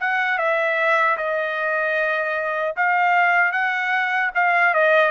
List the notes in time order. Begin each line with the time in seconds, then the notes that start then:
0.00 F#5
0.38 E5
1.17 D#5
2.76 F5
3.52 F#5
4.35 F5
4.74 D#5